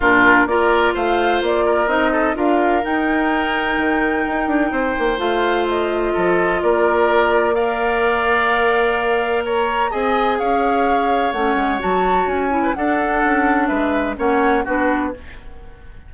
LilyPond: <<
  \new Staff \with { instrumentName = "flute" } { \time 4/4 \tempo 4 = 127 ais'4 d''4 f''4 d''4 | dis''4 f''4 g''2~ | g''2. f''4 | dis''2 d''2 |
f''1 | ais''4 gis''4 f''2 | fis''4 a''4 gis''4 fis''4~ | fis''4 e''4 fis''4 b'4 | }
  \new Staff \with { instrumentName = "oboe" } { \time 4/4 f'4 ais'4 c''4. ais'8~ | ais'8 a'8 ais'2.~ | ais'2 c''2~ | c''4 a'4 ais'2 |
d''1 | cis''4 dis''4 cis''2~ | cis''2~ cis''8. b'16 a'4~ | a'4 b'4 cis''4 fis'4 | }
  \new Staff \with { instrumentName = "clarinet" } { \time 4/4 d'4 f'2. | dis'4 f'4 dis'2~ | dis'2. f'4~ | f'1 |
ais'1~ | ais'4 gis'2. | cis'4 fis'4. e'8 d'4~ | d'2 cis'4 d'4 | }
  \new Staff \with { instrumentName = "bassoon" } { \time 4/4 ais,4 ais4 a4 ais4 | c'4 d'4 dis'2 | dis4 dis'8 d'8 c'8 ais8 a4~ | a4 f4 ais2~ |
ais1~ | ais4 c'4 cis'2 | a8 gis8 fis4 cis'4 d'4 | cis'4 gis4 ais4 b4 | }
>>